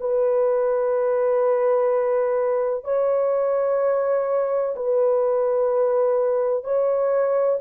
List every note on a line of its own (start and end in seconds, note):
0.00 2.84 B4
2.84 4.74 C#5
4.76 6.64 B4
6.64 7.59 C#5